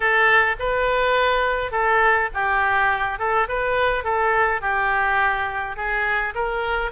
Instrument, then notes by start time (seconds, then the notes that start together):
oboe
0.00 A4
0.59 B4
1.71 A4
2.34 G4
3.18 A4
3.48 B4
4.04 A4
4.61 G4
5.76 G#4
6.34 A#4